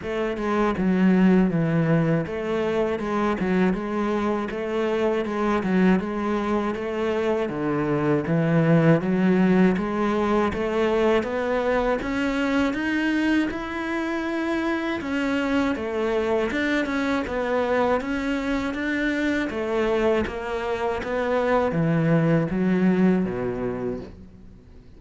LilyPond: \new Staff \with { instrumentName = "cello" } { \time 4/4 \tempo 4 = 80 a8 gis8 fis4 e4 a4 | gis8 fis8 gis4 a4 gis8 fis8 | gis4 a4 d4 e4 | fis4 gis4 a4 b4 |
cis'4 dis'4 e'2 | cis'4 a4 d'8 cis'8 b4 | cis'4 d'4 a4 ais4 | b4 e4 fis4 b,4 | }